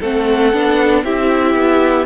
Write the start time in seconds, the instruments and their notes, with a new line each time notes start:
0.00 cello A3, viola C4, violin A4 F#5
0.53 cello B3, viola D4
1.03 cello C4, viola E4, violin G4 E5
1.55 cello B3